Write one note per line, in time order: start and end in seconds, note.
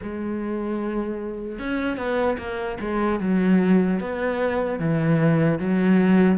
0.02 1.58 G#3
1.58 1.97 C#4
1.97 2.37 B3
2.37 2.77 A#3
2.80 3.20 G#3
3.20 4.00 F#3
4.00 4.79 B3
4.79 5.59 E3
5.59 6.37 F#3